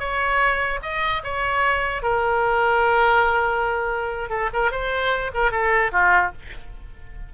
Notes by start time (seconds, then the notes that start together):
0.00 C#5
0.83 D#5
1.24 C#5
2.03 A#4
4.30 A4
4.54 A#4
4.71 C5
5.34 A#4
5.51 A4
5.92 F4